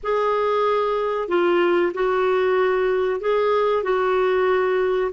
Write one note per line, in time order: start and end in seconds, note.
0.03 1.28 G#4
1.28 1.92 F4
1.94 3.20 F#4
3.20 3.83 G#4
3.83 5.11 F#4